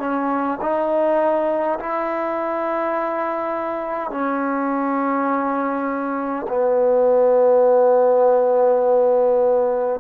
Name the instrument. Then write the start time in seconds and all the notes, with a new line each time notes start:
trombone
0.00 C#4
0.61 D#4
1.79 E4
4.11 C#4
6.49 B3